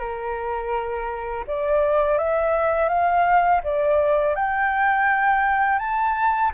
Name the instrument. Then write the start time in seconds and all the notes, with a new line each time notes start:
flute
0.00 A#4
1.48 D5
2.18 E5
2.89 F5
3.64 D5
4.35 G5
5.79 A5